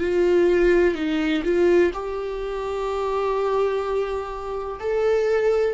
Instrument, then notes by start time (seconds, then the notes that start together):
viola
0.00 F4
0.95 D#4
1.44 F4
1.94 G4
4.80 A4